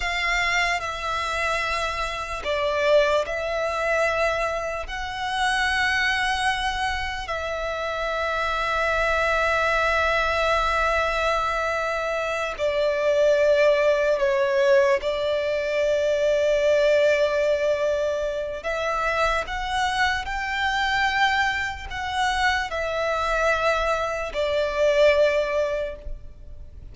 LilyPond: \new Staff \with { instrumentName = "violin" } { \time 4/4 \tempo 4 = 74 f''4 e''2 d''4 | e''2 fis''2~ | fis''4 e''2.~ | e''2.~ e''8 d''8~ |
d''4. cis''4 d''4.~ | d''2. e''4 | fis''4 g''2 fis''4 | e''2 d''2 | }